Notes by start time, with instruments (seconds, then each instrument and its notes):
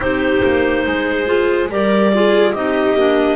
0.00 double bass C4, clarinet D#4 C5, viola G4
0.43 double bass A#3
0.86 double bass G#3, viola G#4
1.26 clarinet F4
1.69 double bass G3, clarinet G4 D5, viola A#4
2.13 clarinet F4, viola G#4
2.53 double bass C4, clarinet D#4 D#5, viola G4
2.95 double bass A#3, clarinet D4